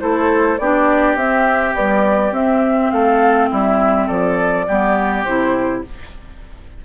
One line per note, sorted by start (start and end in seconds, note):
0.00 0.59 A3
0.00 0.58 E4
0.00 0.61 A4
0.00 0.58 C5
0.58 1.16 B3
0.58 1.19 D4
0.58 2.93 G4
0.58 1.16 D5
1.16 1.74 C4
1.16 1.77 C4
1.16 1.75 E5
1.75 2.33 G3
1.75 2.32 B3
1.75 2.34 D5
2.32 2.91 C4
2.32 4.66 C4
2.32 2.91 E5
2.91 3.51 A3
2.91 3.50 A4
2.91 3.49 F5
3.50 4.09 G3
3.50 4.07 E4
3.50 4.08 E5
4.07 4.68 F3
4.07 4.66 A4
4.07 5.24 D5
4.68 5.26 G3
4.68 5.27 B3
4.68 5.84 G4
5.24 5.84 C3
5.24 5.85 E4
5.24 5.82 C5